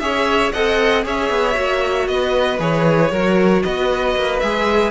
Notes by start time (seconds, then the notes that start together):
0.00 C#4 G#4 C#5 E5
0.53 C4 A4 D#5 F#5
1.04 C#4 G#4 C#5 E5
1.30 B3
1.54 A#3 F#4
2.08 B3 B4 D#5
2.60 E3 G#4 C#5
3.11 F#3 F#4 A#4
3.63 B3 B4 D#5
4.16 A#3
4.40 G#3 G#4 E5